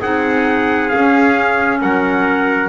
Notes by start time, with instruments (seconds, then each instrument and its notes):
0.00 double bass C4, clarinet D#4, trumpet G#4 F#5
0.89 clarinet C#4, double bass C#4, trumpet F5
1.81 double bass F#3, trumpet A#4 F#5